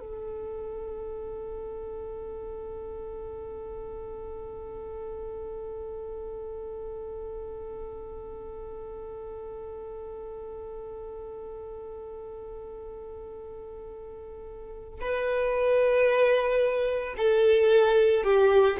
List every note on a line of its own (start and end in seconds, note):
0.00 15.00 A4
15.00 17.15 B4
17.17 18.24 A4
18.24 18.77 G4